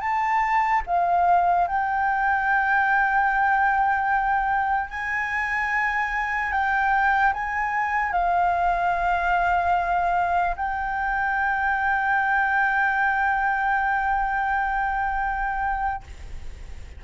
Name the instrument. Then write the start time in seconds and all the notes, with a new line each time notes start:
flute
0.00 A5
0.86 F5
1.67 G5
4.89 G#5
6.51 G5
7.33 G#5
8.12 F5
10.56 G5